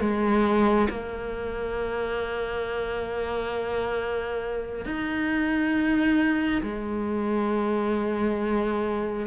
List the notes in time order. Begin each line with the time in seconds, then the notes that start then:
0.00 G#3
0.90 A#3
4.85 D#4
6.62 G#3